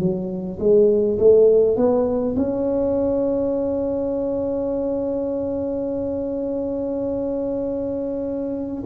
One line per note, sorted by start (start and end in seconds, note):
0.00 0.59 F#3
0.60 1.19 G#3
1.19 1.77 A3
1.77 2.36 B3
2.37 8.84 C#4